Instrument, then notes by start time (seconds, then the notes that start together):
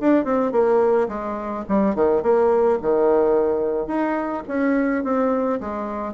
bassoon
0.00 D4
0.25 C4
0.52 A#3
1.08 G#3
1.68 G3
1.95 D#3
2.23 A#3
2.82 D#3
3.87 D#4
4.48 C#4
5.04 C4
5.60 G#3